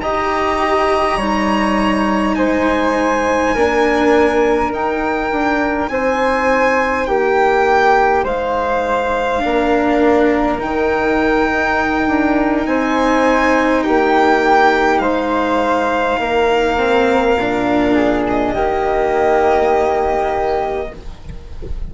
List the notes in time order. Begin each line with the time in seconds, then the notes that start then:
0.00 D#4 G4 D#5 A#5
1.17 G3 D#4 C#5
2.35 G#3 C5 G#5
3.54 A#3 D4 A#4
4.71 D#4 G5
5.31 D4
5.88 C4 C5 G#5
7.06 A#3 G4 G5
8.24 G#3 C5 F5
9.40 A#3 D4 A#4
10.58 D#3 D#4 G5
11.52 D#4
12.07 D4
12.66 C4 C5 G#5
13.83 A#3 G4 G5
14.98 G#3 C5 F5
16.19 A#3 A#4
16.77 C4
17.36 A#2 D4
17.93 G#4
18.29 D#5
18.52 D#3 A#3 G4